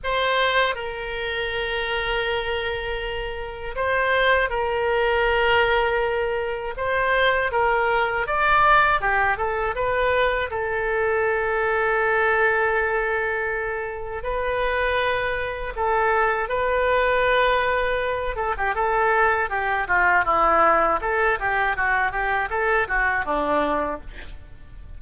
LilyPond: \new Staff \with { instrumentName = "oboe" } { \time 4/4 \tempo 4 = 80 c''4 ais'2.~ | ais'4 c''4 ais'2~ | ais'4 c''4 ais'4 d''4 | g'8 a'8 b'4 a'2~ |
a'2. b'4~ | b'4 a'4 b'2~ | b'8 a'16 g'16 a'4 g'8 f'8 e'4 | a'8 g'8 fis'8 g'8 a'8 fis'8 d'4 | }